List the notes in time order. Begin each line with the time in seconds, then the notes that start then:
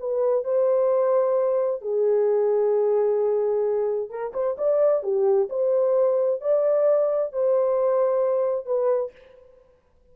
0.00 B4
0.45 C5
1.82 G#4
4.10 A#4
4.33 C5
4.58 D5
5.03 G4
5.50 C5
6.41 D5
7.33 C5
8.66 B4